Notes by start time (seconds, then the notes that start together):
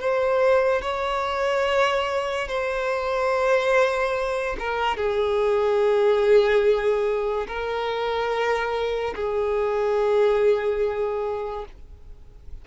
0.00 C5
0.82 C#5
2.48 C5
4.59 A#4
4.97 G#4
7.48 A#4
9.16 G#4